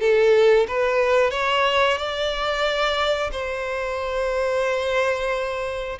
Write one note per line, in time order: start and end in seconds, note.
0.00 0.67 A4
0.68 1.31 B4
1.31 1.98 C#5
1.98 3.31 D5
3.32 5.98 C5